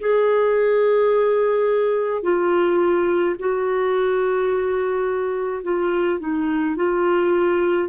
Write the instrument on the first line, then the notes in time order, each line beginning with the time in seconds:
clarinet
0.00 G#4
2.23 F4
3.39 F#4
5.63 F4
6.20 D#4
6.76 F4